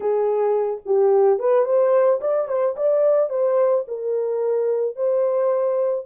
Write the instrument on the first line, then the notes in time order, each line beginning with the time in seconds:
horn
0.00 G#4
0.85 G4
1.39 B4
1.65 C5
2.20 D5
2.47 C5
2.76 D5
3.29 C5
3.87 A#4
4.95 C5